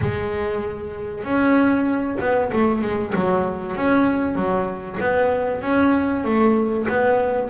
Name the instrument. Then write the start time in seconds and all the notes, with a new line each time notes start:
double bass
0.01 G#3
1.23 C#4
2.20 B3
2.52 A3
2.81 G#3
3.15 F#3
3.76 C#4
4.35 F#3
5.00 B3
5.61 C#4
6.24 A3
6.88 B3